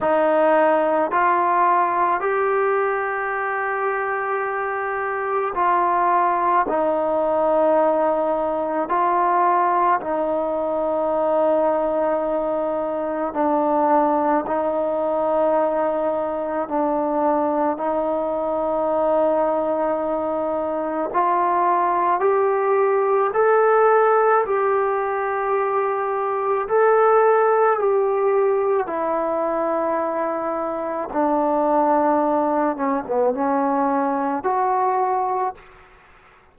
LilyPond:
\new Staff \with { instrumentName = "trombone" } { \time 4/4 \tempo 4 = 54 dis'4 f'4 g'2~ | g'4 f'4 dis'2 | f'4 dis'2. | d'4 dis'2 d'4 |
dis'2. f'4 | g'4 a'4 g'2 | a'4 g'4 e'2 | d'4. cis'16 b16 cis'4 fis'4 | }